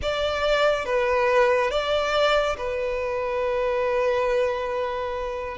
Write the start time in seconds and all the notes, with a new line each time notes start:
0.02 D5
0.85 B4
1.70 D5
2.57 B4